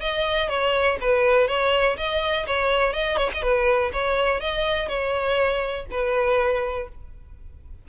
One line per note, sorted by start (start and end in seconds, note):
0.00 0.49 D#5
0.49 0.97 C#5
1.00 1.47 B4
1.47 1.96 C#5
1.97 2.46 D#5
2.46 2.93 C#5
2.93 3.17 D#5
3.17 3.29 C#5
3.34 3.42 D#5
3.42 3.91 B4
3.92 4.40 C#5
4.40 4.88 D#5
4.88 5.85 C#5
5.90 6.88 B4